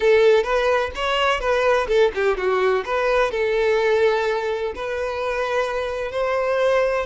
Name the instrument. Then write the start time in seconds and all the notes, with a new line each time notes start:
violin
0.00 A4
0.43 B4
0.95 C#5
1.40 B4
1.88 A4
2.15 G4
2.37 F#4
2.85 B4
3.31 A4
4.75 B4
6.11 C5